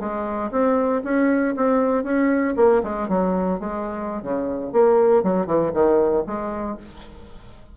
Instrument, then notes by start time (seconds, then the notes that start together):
bassoon
0.00 G#3
0.52 C4
1.04 C#4
1.57 C4
2.04 C#4
2.57 A#3
2.84 G#3
3.09 F#3
3.60 G#3
4.23 C#3
4.73 A#3
5.23 F#3
5.47 E3
5.74 D#3
6.27 G#3